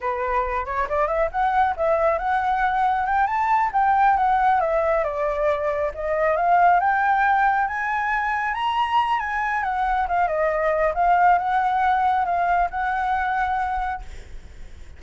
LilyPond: \new Staff \with { instrumentName = "flute" } { \time 4/4 \tempo 4 = 137 b'4. cis''8 d''8 e''8 fis''4 | e''4 fis''2 g''8 a''8~ | a''8 g''4 fis''4 e''4 d''8~ | d''4. dis''4 f''4 g''8~ |
g''4. gis''2 ais''8~ | ais''4 gis''4 fis''4 f''8 dis''8~ | dis''4 f''4 fis''2 | f''4 fis''2. | }